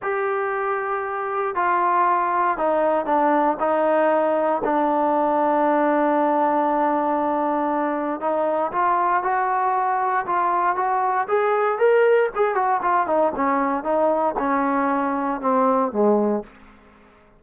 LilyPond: \new Staff \with { instrumentName = "trombone" } { \time 4/4 \tempo 4 = 117 g'2. f'4~ | f'4 dis'4 d'4 dis'4~ | dis'4 d'2.~ | d'1 |
dis'4 f'4 fis'2 | f'4 fis'4 gis'4 ais'4 | gis'8 fis'8 f'8 dis'8 cis'4 dis'4 | cis'2 c'4 gis4 | }